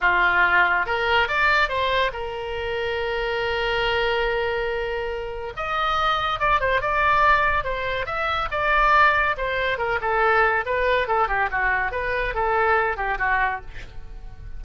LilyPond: \new Staff \with { instrumentName = "oboe" } { \time 4/4 \tempo 4 = 141 f'2 ais'4 d''4 | c''4 ais'2.~ | ais'1~ | ais'4 dis''2 d''8 c''8 |
d''2 c''4 e''4 | d''2 c''4 ais'8 a'8~ | a'4 b'4 a'8 g'8 fis'4 | b'4 a'4. g'8 fis'4 | }